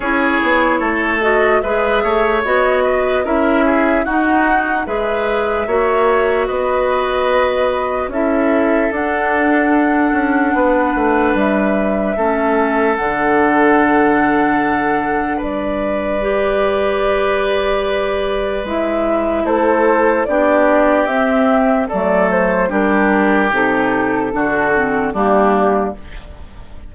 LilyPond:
<<
  \new Staff \with { instrumentName = "flute" } { \time 4/4 \tempo 4 = 74 cis''4. dis''8 e''4 dis''4 | e''4 fis''4 e''2 | dis''2 e''4 fis''4~ | fis''2 e''2 |
fis''2. d''4~ | d''2. e''4 | c''4 d''4 e''4 d''8 c''8 | ais'4 a'2 g'4 | }
  \new Staff \with { instrumentName = "oboe" } { \time 4/4 gis'4 a'4 b'8 cis''4 b'8 | ais'8 gis'8 fis'4 b'4 cis''4 | b'2 a'2~ | a'4 b'2 a'4~ |
a'2. b'4~ | b'1 | a'4 g'2 a'4 | g'2 fis'4 d'4 | }
  \new Staff \with { instrumentName = "clarinet" } { \time 4/4 e'4. fis'8 gis'4 fis'4 | e'4 dis'4 gis'4 fis'4~ | fis'2 e'4 d'4~ | d'2. cis'4 |
d'1 | g'2. e'4~ | e'4 d'4 c'4 a4 | d'4 dis'4 d'8 c'8 ais4 | }
  \new Staff \with { instrumentName = "bassoon" } { \time 4/4 cis'8 b8 a4 gis8 a8 b4 | cis'4 dis'4 gis4 ais4 | b2 cis'4 d'4~ | d'8 cis'8 b8 a8 g4 a4 |
d2. g4~ | g2. gis4 | a4 b4 c'4 fis4 | g4 c4 d4 g4 | }
>>